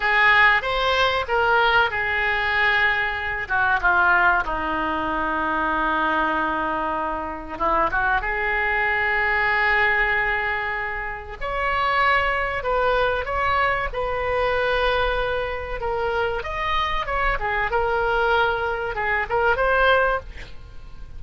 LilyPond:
\new Staff \with { instrumentName = "oboe" } { \time 4/4 \tempo 4 = 95 gis'4 c''4 ais'4 gis'4~ | gis'4. fis'8 f'4 dis'4~ | dis'1 | e'8 fis'8 gis'2.~ |
gis'2 cis''2 | b'4 cis''4 b'2~ | b'4 ais'4 dis''4 cis''8 gis'8 | ais'2 gis'8 ais'8 c''4 | }